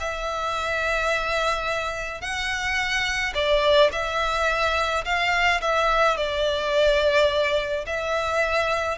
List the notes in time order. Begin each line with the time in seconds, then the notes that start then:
0.00 E5
2.21 F#5
3.34 D5
3.92 E5
5.05 F5
5.61 E5
6.17 D5
7.86 E5